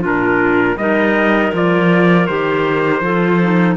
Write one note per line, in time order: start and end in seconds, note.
0.00 0.76 A#2
0.00 0.76 D4
0.00 0.75 F4
0.00 0.77 A#4
0.76 1.51 G3
0.76 1.53 D#4
0.76 3.03 A#4
0.76 1.52 D#5
1.53 2.28 F3
1.53 2.27 F4
1.53 2.27 D5
2.27 3.01 D#3
2.27 3.03 G4
2.27 3.76 C5
3.01 3.76 F3
3.01 3.42 F4
3.01 3.76 A4
3.42 3.76 D#4